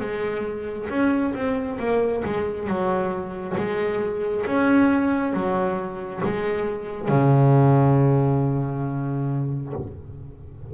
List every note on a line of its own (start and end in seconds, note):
0.00 0.88 G#3
0.89 1.34 C#4
1.34 1.78 C4
1.79 2.23 A#3
2.24 2.68 G#3
2.68 3.56 F#3
3.57 4.46 G#3
4.46 5.33 C#4
5.33 6.21 F#3
6.24 7.08 G#3
7.08 9.73 C#3